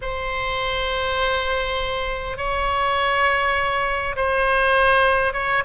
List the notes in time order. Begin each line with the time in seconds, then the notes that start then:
0.01 C5
2.37 C#5
4.16 C5
5.33 C#5